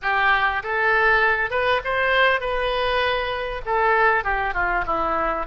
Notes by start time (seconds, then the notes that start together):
0.02 G4
0.63 A4
1.50 B4
1.84 C5
2.40 B4
3.65 A4
4.24 G4
4.54 F4
4.86 E4